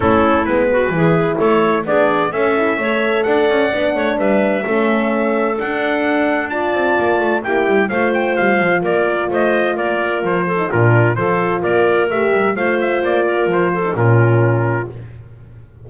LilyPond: <<
  \new Staff \with { instrumentName = "trumpet" } { \time 4/4 \tempo 4 = 129 a'4 b'2 cis''4 | d''4 e''2 fis''4~ | fis''4 e''2. | fis''2 a''2 |
g''4 f''8 g''8 f''4 d''4 | dis''4 d''4 c''4 ais'4 | c''4 d''4 e''4 f''8 e''8 | d''4 c''4 ais'2 | }
  \new Staff \with { instrumentName = "clarinet" } { \time 4/4 e'4. fis'8 gis'4 a'4 | gis'4 a'4 cis''4 d''4~ | d''8 cis''8 b'4 a'2~ | a'2 d''2 |
g'4 c''2 ais'4 | c''4 ais'4. a'8 f'4 | a'4 ais'2 c''4~ | c''8 ais'4 a'8 f'2 | }
  \new Staff \with { instrumentName = "horn" } { \time 4/4 cis'4 b4 e'2 | d'4 cis'8 e'8 a'2 | d'2 cis'2 | d'2 f'2 |
e'4 f'2.~ | f'2~ f'8. dis'16 d'4 | f'2 g'4 f'4~ | f'4.~ f'16 dis'16 cis'2 | }
  \new Staff \with { instrumentName = "double bass" } { \time 4/4 a4 gis4 e4 a4 | b4 cis'4 a4 d'8 cis'8 | b8 a8 g4 a2 | d'2~ d'8 c'8 ais8 a8 |
ais8 g8 a4 g8 f8 ais4 | a4 ais4 f4 ais,4 | f4 ais4 a8 g8 a4 | ais4 f4 ais,2 | }
>>